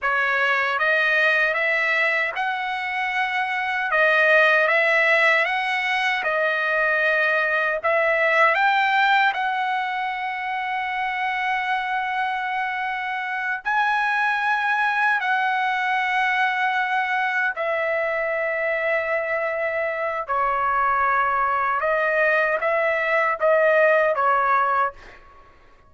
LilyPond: \new Staff \with { instrumentName = "trumpet" } { \time 4/4 \tempo 4 = 77 cis''4 dis''4 e''4 fis''4~ | fis''4 dis''4 e''4 fis''4 | dis''2 e''4 g''4 | fis''1~ |
fis''4. gis''2 fis''8~ | fis''2~ fis''8 e''4.~ | e''2 cis''2 | dis''4 e''4 dis''4 cis''4 | }